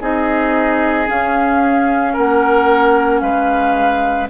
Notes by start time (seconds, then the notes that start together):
0.00 C4 D#4 G#4 D#5
1.07 C#4 F5
2.13 A#3 A#4 F#5
3.20 G#3 B4 F5